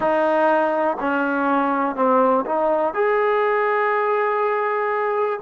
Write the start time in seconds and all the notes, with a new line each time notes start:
0.00 D#4
1.00 C#4
1.95 C4
2.45 D#4
2.93 G#4